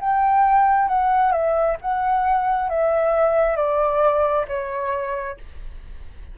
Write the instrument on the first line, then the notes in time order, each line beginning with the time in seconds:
flute
0.00 G5
0.88 F#5
1.31 E5
1.81 F#5
2.69 E5
3.56 D5
4.47 C#5